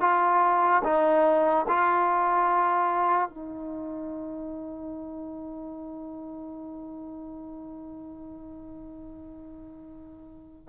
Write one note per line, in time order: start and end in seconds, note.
0.00 0.82 F4
0.83 1.66 D#4
1.68 3.28 F4
3.28 10.68 D#4